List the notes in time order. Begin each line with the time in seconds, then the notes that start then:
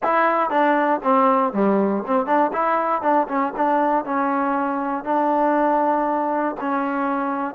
0.03 E4
0.50 D4
1.03 C4
1.52 G3
2.06 C4
2.26 D4
2.52 E4
3.01 D4
3.28 C#4
3.56 D4
4.04 C#4
5.04 D4
6.60 C#4